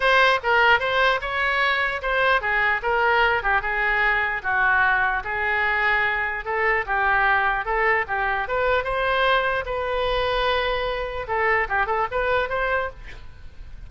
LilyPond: \new Staff \with { instrumentName = "oboe" } { \time 4/4 \tempo 4 = 149 c''4 ais'4 c''4 cis''4~ | cis''4 c''4 gis'4 ais'4~ | ais'8 g'8 gis'2 fis'4~ | fis'4 gis'2. |
a'4 g'2 a'4 | g'4 b'4 c''2 | b'1 | a'4 g'8 a'8 b'4 c''4 | }